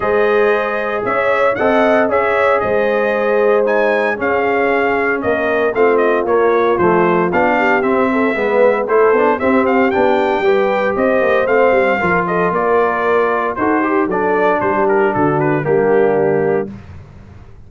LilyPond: <<
  \new Staff \with { instrumentName = "trumpet" } { \time 4/4 \tempo 4 = 115 dis''2 e''4 fis''4 | e''4 dis''2 gis''4 | f''2 dis''4 f''8 dis''8 | cis''4 c''4 f''4 e''4~ |
e''4 c''4 e''8 f''8 g''4~ | g''4 dis''4 f''4. dis''8 | d''2 c''4 d''4 | c''8 ais'8 a'8 b'8 g'2 | }
  \new Staff \with { instrumentName = "horn" } { \time 4/4 c''2 cis''4 dis''4 | cis''4 c''2. | gis'2 ais'4 f'4~ | f'2~ f'8 g'4 a'8 |
b'4 a'4 g'2 | b'4 c''2 ais'8 a'8 | ais'2 a'8 g'8 a'4 | g'4 fis'4 d'2 | }
  \new Staff \with { instrumentName = "trombone" } { \time 4/4 gis'2. a'4 | gis'2. dis'4 | cis'2. c'4 | ais4 a4 d'4 c'4 |
b4 e'8 d'8 c'4 d'4 | g'2 c'4 f'4~ | f'2 fis'8 g'8 d'4~ | d'2 ais2 | }
  \new Staff \with { instrumentName = "tuba" } { \time 4/4 gis2 cis'4 c'4 | cis'4 gis2. | cis'2 ais4 a4 | ais4 f4 b4 c'4 |
gis4 a8 b8 c'4 b4 | g4 c'8 ais8 a8 g8 f4 | ais2 dis'4 fis4 | g4 d4 g2 | }
>>